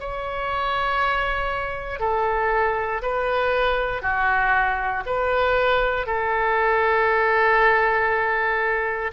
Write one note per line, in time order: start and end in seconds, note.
0.00 2.00 C#5
2.00 3.01 A4
3.02 4.02 B4
4.02 5.03 F#4
5.06 6.06 B4
6.06 9.11 A4